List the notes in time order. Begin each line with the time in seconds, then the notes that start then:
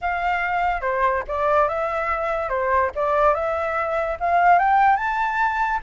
0.01 F5
0.81 C5
1.27 D5
1.68 E5
2.49 C5
2.95 D5
3.34 E5
4.20 F5
4.58 G5
4.96 A5